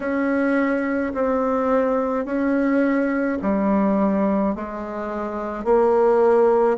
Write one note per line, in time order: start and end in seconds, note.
0.00 1.13 C#4
1.13 2.25 C4
2.25 3.38 C#4
3.42 4.55 G3
4.55 5.64 G#3
5.64 6.77 A#3